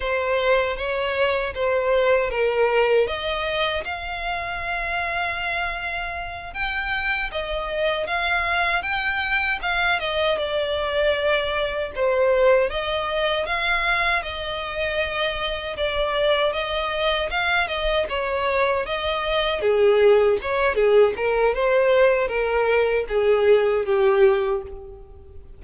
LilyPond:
\new Staff \with { instrumentName = "violin" } { \time 4/4 \tempo 4 = 78 c''4 cis''4 c''4 ais'4 | dis''4 f''2.~ | f''8 g''4 dis''4 f''4 g''8~ | g''8 f''8 dis''8 d''2 c''8~ |
c''8 dis''4 f''4 dis''4.~ | dis''8 d''4 dis''4 f''8 dis''8 cis''8~ | cis''8 dis''4 gis'4 cis''8 gis'8 ais'8 | c''4 ais'4 gis'4 g'4 | }